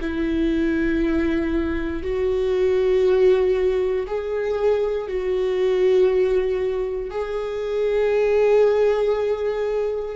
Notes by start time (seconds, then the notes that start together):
0.00 E4
2.02 F#4
4.06 G#4
5.08 F#4
7.10 G#4